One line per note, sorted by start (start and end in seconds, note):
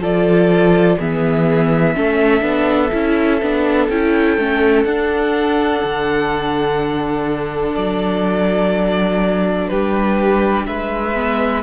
0.00 0.97 F3
0.00 0.98 F4
0.00 0.97 A4
0.00 0.99 D5
0.98 1.96 E3
0.98 1.95 B3
0.98 1.95 G#4
0.98 3.89 E5
1.95 2.41 A3
1.95 2.41 C#4
1.95 9.70 A4
2.41 2.90 B3
2.41 2.89 D4
2.92 3.41 C#4
2.92 3.40 E4
3.41 3.89 B3
3.41 3.90 D4
3.89 4.37 C#4
3.89 4.39 E4
3.89 4.84 G5
4.37 4.84 A3
4.37 4.87 C#4
4.84 5.81 D4
4.84 11.14 D4
4.84 7.75 F#5
5.83 7.76 D3
7.75 9.69 F#3
7.75 9.68 D5
9.68 10.67 G3
9.68 10.66 G4
9.68 10.65 B4
10.66 11.63 G#3
10.66 11.63 B4
10.66 11.62 E5
11.14 11.63 B3